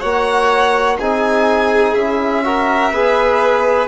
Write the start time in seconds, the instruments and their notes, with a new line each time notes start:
0.00 bassoon A#3, trombone F#4, violin C#5 F#5
0.99 bassoon C4, trombone D#4, violin G#4 G#5
1.94 bassoon C#4, trombone E4, violin E5
2.44 trombone F#4, violin A#4
2.91 bassoon B3, trombone G#4, violin B4